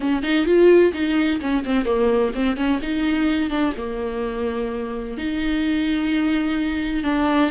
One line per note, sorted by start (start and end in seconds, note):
0.00 0.22 C#4
0.22 0.45 D#4
0.45 0.92 F4
0.93 1.40 D#4
1.40 1.64 C#4
1.64 1.85 C4
1.85 2.32 A#3
2.34 2.56 C4
2.56 2.79 C#4
2.82 3.49 D#4
3.49 3.73 D4
3.77 5.17 A#3
5.17 7.03 D#4
7.03 7.50 D4